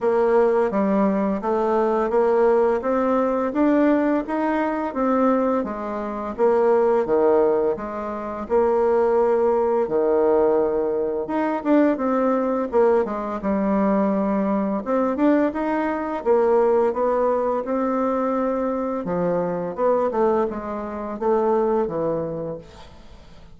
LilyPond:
\new Staff \with { instrumentName = "bassoon" } { \time 4/4 \tempo 4 = 85 ais4 g4 a4 ais4 | c'4 d'4 dis'4 c'4 | gis4 ais4 dis4 gis4 | ais2 dis2 |
dis'8 d'8 c'4 ais8 gis8 g4~ | g4 c'8 d'8 dis'4 ais4 | b4 c'2 f4 | b8 a8 gis4 a4 e4 | }